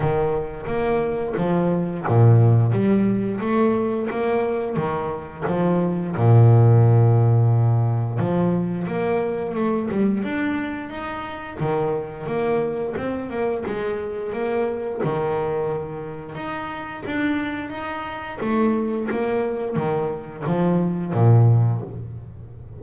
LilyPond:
\new Staff \with { instrumentName = "double bass" } { \time 4/4 \tempo 4 = 88 dis4 ais4 f4 ais,4 | g4 a4 ais4 dis4 | f4 ais,2. | f4 ais4 a8 g8 d'4 |
dis'4 dis4 ais4 c'8 ais8 | gis4 ais4 dis2 | dis'4 d'4 dis'4 a4 | ais4 dis4 f4 ais,4 | }